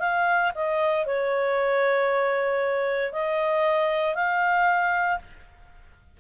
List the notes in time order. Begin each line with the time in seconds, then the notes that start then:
0.00 F5
0.55 D#5
1.06 C#5
3.13 D#5
4.15 F5